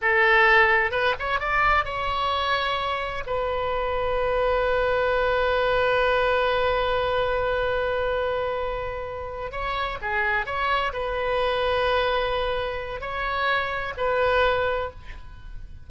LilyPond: \new Staff \with { instrumentName = "oboe" } { \time 4/4 \tempo 4 = 129 a'2 b'8 cis''8 d''4 | cis''2. b'4~ | b'1~ | b'1~ |
b'1~ | b'8 cis''4 gis'4 cis''4 b'8~ | b'1 | cis''2 b'2 | }